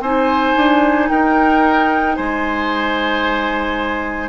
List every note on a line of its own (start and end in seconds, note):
0.00 0.54 C4
0.00 4.29 D#4
0.00 1.09 C5
0.00 1.09 G#5
0.56 1.10 D4
1.09 2.18 D#4
1.09 2.16 A#4
1.09 2.15 G5
2.15 4.29 G#3
2.15 4.29 C5
2.15 4.29 G#5